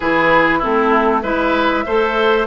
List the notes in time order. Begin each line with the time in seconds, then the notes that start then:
0.00 E3 E4 G#4 B4
0.58 C4 E4 A4
0.65 A3
1.22 G#3 E4 B4 E5
1.86 A3 A4 C5